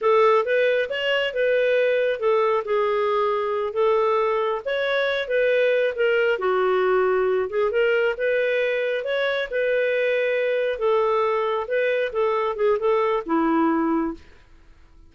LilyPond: \new Staff \with { instrumentName = "clarinet" } { \time 4/4 \tempo 4 = 136 a'4 b'4 cis''4 b'4~ | b'4 a'4 gis'2~ | gis'8 a'2 cis''4. | b'4. ais'4 fis'4.~ |
fis'4 gis'8 ais'4 b'4.~ | b'8 cis''4 b'2~ b'8~ | b'8 a'2 b'4 a'8~ | a'8 gis'8 a'4 e'2 | }